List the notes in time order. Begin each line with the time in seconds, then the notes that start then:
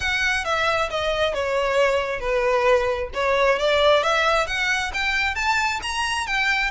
0.00 F#5
0.44 E5
0.90 D#5
1.34 C#5
2.20 B4
3.14 C#5
3.58 D5
4.03 E5
4.46 F#5
4.93 G5
5.35 A5
5.82 A#5
6.26 G5